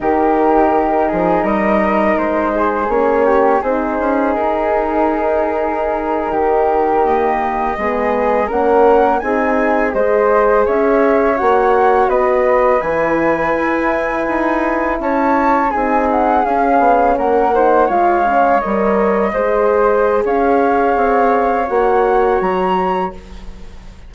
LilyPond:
<<
  \new Staff \with { instrumentName = "flute" } { \time 4/4 \tempo 4 = 83 ais'2 dis''4 c''4 | cis''4 c''4 ais'2~ | ais'4.~ ais'16 dis''2 fis''16~ | fis''8. gis''4 dis''4 e''4 fis''16~ |
fis''8. dis''4 gis''2~ gis''16~ | gis''8. a''4 gis''8 fis''8 f''4 fis''16~ | fis''8. f''4 dis''2~ dis''16 | f''2 fis''4 ais''4 | }
  \new Staff \with { instrumentName = "flute" } { \time 4/4 g'4. gis'8 ais'4. gis'8~ | gis'8 g'8 gis'2.~ | gis'8. g'2 gis'4 ais'16~ | ais'8. gis'4 c''4 cis''4~ cis''16~ |
cis''8. b'2.~ b'16~ | b'8. cis''4 gis'2 ais'16~ | ais'16 c''8 cis''2 c''4~ c''16 | cis''1 | }
  \new Staff \with { instrumentName = "horn" } { \time 4/4 dis'1 | cis'4 dis'2.~ | dis'4.~ dis'16 ais4 b4 cis'16~ | cis'8. dis'4 gis'2 fis'16~ |
fis'4.~ fis'16 e'2~ e'16~ | e'4.~ e'16 dis'4 cis'4~ cis'16~ | cis'16 dis'8 f'8 cis'8 ais'4 gis'4~ gis'16~ | gis'2 fis'2 | }
  \new Staff \with { instrumentName = "bassoon" } { \time 4/4 dis4. f8 g4 gis4 | ais4 c'8 cis'8 dis'2~ | dis'8. dis2 gis4 ais16~ | ais8. c'4 gis4 cis'4 ais16~ |
ais8. b4 e4 e'4 dis'16~ | dis'8. cis'4 c'4 cis'8 b8 ais16~ | ais8. gis4 g4 gis4~ gis16 | cis'4 c'4 ais4 fis4 | }
>>